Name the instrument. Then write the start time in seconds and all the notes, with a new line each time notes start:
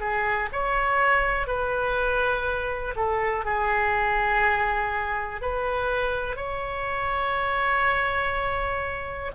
oboe
0.00 G#4
0.52 C#5
1.47 B4
2.96 A4
3.45 G#4
5.41 B4
6.36 C#5